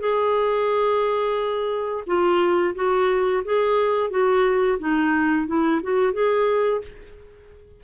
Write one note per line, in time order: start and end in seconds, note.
0.00 2.05 G#4
2.07 2.75 F4
2.75 3.43 F#4
3.45 4.10 G#4
4.10 4.79 F#4
4.79 5.47 D#4
5.47 5.81 E4
5.83 6.13 F#4
6.13 6.82 G#4